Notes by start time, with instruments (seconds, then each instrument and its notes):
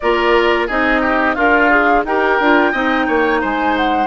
0.00 bassoon A#3, clarinet F4, oboe A#4, flute D5
0.67 bassoon C4, clarinet D#4, oboe G#4, flute D#5
1.01 oboe G4
1.34 bassoon D4, oboe F4, clarinet A#4, flute F5
1.70 clarinet G#4
2.04 bassoon D#4, clarinet G4, oboe A#4, flute G5
2.40 bassoon D4, clarinet F4
2.71 bassoon C4, clarinet D#4, oboe D#5
3.07 bassoon A#3, oboe C#5
3.40 bassoon G#3, oboe C5, flute G#5
3.77 flute F#5